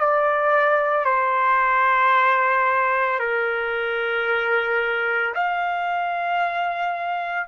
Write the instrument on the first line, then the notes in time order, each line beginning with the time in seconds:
trumpet
0.00 D5
1.05 C5
3.19 A#4
5.35 F5